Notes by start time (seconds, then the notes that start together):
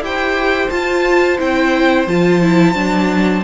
0.00 E4 G4 C5 G5
0.70 F4 A5
1.38 C4 E4 G5
2.07 F3 F4 A5
2.42 E4
2.74 F#3 D4